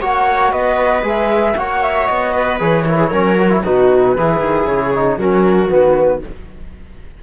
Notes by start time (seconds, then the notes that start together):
0.00 A#3 F#4 C#5 F#5
0.51 B3 B4 D#5
1.02 G#3 G#4 E5
1.56 A#3 F#4 C#5 F#5
1.82 E5
2.07 B3 D#5
2.32 B4
2.59 E3 G#4 C#5
2.88 E4 A#4
2.97 G#4
3.09 F#3 C#4 A#4
3.39 F#4
3.50 E4
3.63 B2 D#4 F#4 B4
4.17 E3 E4 G#4
4.40 D#3
4.66 C#3 C#5
4.94 D#4
5.17 F#3 C#4 F#4 A#4
5.68 D#3 B3 B4